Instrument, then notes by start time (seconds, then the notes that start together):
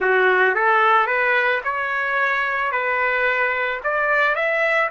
trumpet
0.00 F#4
0.55 A4
1.06 B4
1.64 C#5
2.71 B4
3.83 D5
4.35 E5